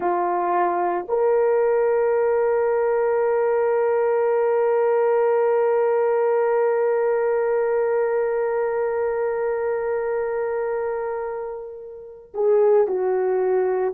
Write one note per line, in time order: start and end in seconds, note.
0.00 1.06 F4
1.08 12.33 A#4
12.34 12.87 G#4
12.87 13.94 F#4